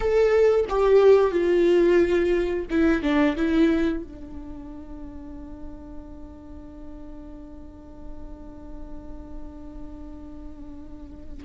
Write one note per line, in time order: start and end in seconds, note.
0.00 0.65 A4
0.69 1.31 G4
1.31 2.66 F4
2.70 3.02 E4
3.02 3.36 D4
3.36 4.03 E4
4.03 11.44 D4